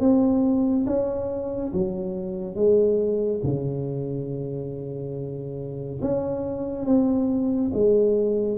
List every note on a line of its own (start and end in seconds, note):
0.00 0.86 C4
0.86 1.72 C#4
1.73 2.55 F#3
2.55 3.41 G#3
3.44 6.01 C#3
6.02 6.86 C#4
6.86 7.71 C4
7.73 8.58 G#3